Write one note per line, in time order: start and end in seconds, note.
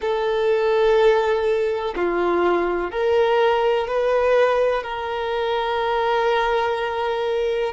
0.01 1.94 A4
1.95 2.91 F4
2.91 3.87 A#4
3.87 4.83 B4
4.83 7.73 A#4